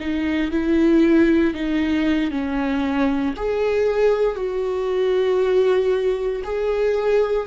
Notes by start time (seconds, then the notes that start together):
0.00 D#4
0.52 E4
1.54 D#4
2.31 C#4
3.37 G#4
4.36 F#4
6.45 G#4